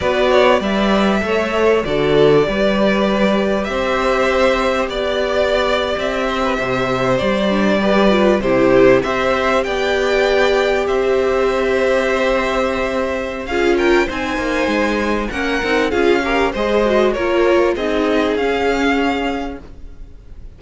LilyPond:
<<
  \new Staff \with { instrumentName = "violin" } { \time 4/4 \tempo 4 = 98 d''4 e''2 d''4~ | d''2 e''2 | d''4.~ d''16 e''2 d''16~ | d''4.~ d''16 c''4 e''4 g''16~ |
g''4.~ g''16 e''2~ e''16~ | e''2 f''8 g''8 gis''4~ | gis''4 fis''4 f''4 dis''4 | cis''4 dis''4 f''2 | }
  \new Staff \with { instrumentName = "violin" } { \time 4/4 b'8 cis''8 d''4 cis''4 a'4 | b'2 c''2 | d''2~ d''16 c''16 b'16 c''4~ c''16~ | c''8. b'4 g'4 c''4 d''16~ |
d''4.~ d''16 c''2~ c''16~ | c''2 gis'8 ais'8 c''4~ | c''4 ais'4 gis'8 ais'8 c''4 | ais'4 gis'2. | }
  \new Staff \with { instrumentName = "viola" } { \time 4/4 fis'4 b'4 a'4 fis'4 | g'1~ | g'1~ | g'16 d'8 g'8 f'8 e'4 g'4~ g'16~ |
g'1~ | g'2 f'4 dis'4~ | dis'4 cis'8 dis'8 f'8 g'8 gis'8 fis'8 | f'4 dis'4 cis'2 | }
  \new Staff \with { instrumentName = "cello" } { \time 4/4 b4 g4 a4 d4 | g2 c'2 | b4.~ b16 c'4 c4 g16~ | g4.~ g16 c4 c'4 b16~ |
b4.~ b16 c'2~ c'16~ | c'2 cis'4 c'8 ais8 | gis4 ais8 c'8 cis'4 gis4 | ais4 c'4 cis'2 | }
>>